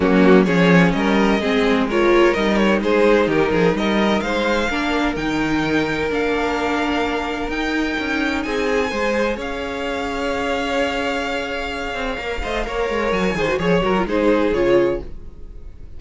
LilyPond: <<
  \new Staff \with { instrumentName = "violin" } { \time 4/4 \tempo 4 = 128 fis'4 cis''4 dis''2 | cis''4 dis''8 cis''8 c''4 ais'4 | dis''4 f''2 g''4~ | g''4 f''2. |
g''2 gis''2 | f''1~ | f''1 | gis''4 cis''8 ais'8 c''4 cis''4 | }
  \new Staff \with { instrumentName = "violin" } { \time 4/4 cis'4 gis'4 ais'4 gis'4 | ais'2 gis'4 g'8 gis'8 | ais'4 c''4 ais'2~ | ais'1~ |
ais'2 gis'4 c''4 | cis''1~ | cis''2~ cis''8 dis''8 cis''4~ | cis''8 c''8 cis''4 gis'2 | }
  \new Staff \with { instrumentName = "viola" } { \time 4/4 ais4 cis'2 c'4 | f'4 dis'2.~ | dis'2 d'4 dis'4~ | dis'4 d'2. |
dis'2. gis'4~ | gis'1~ | gis'2 ais'8 c''8 ais'4~ | ais'8 gis'16 fis'16 gis'8 fis'16 f'16 dis'4 f'4 | }
  \new Staff \with { instrumentName = "cello" } { \time 4/4 fis4 f4 g4 gis4~ | gis4 g4 gis4 dis8 f8 | g4 gis4 ais4 dis4~ | dis4 ais2. |
dis'4 cis'4 c'4 gis4 | cis'1~ | cis'4. c'8 ais8 a8 ais8 gis8 | fis8 dis8 f8 fis8 gis4 cis4 | }
>>